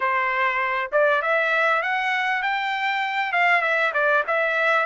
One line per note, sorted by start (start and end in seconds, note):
0.00 0.91 C5
0.91 1.22 D5
1.22 1.82 E5
1.82 2.42 F#5
2.42 3.32 G5
3.32 3.61 F5
3.61 3.91 E5
3.93 4.23 D5
4.27 4.85 E5